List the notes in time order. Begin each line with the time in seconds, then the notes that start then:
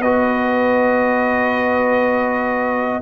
0.00 B3 F#4 B4 D#5